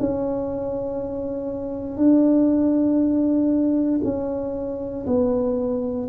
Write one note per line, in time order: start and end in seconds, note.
0.00 1.97 C#4
1.97 4.01 D4
4.04 5.06 C#4
5.07 6.08 B3